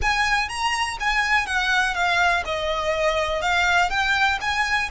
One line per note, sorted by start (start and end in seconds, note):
0.01 0.48 G#5
0.48 0.97 A#5
1.00 1.46 G#5
1.46 1.94 F#5
1.94 2.43 F5
2.45 3.41 D#5
3.41 3.90 F5
3.90 4.39 G5
4.40 4.89 G#5